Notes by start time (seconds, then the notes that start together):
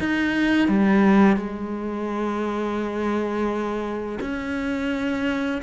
0.00 D#4
0.69 G3
1.37 G#3
4.21 C#4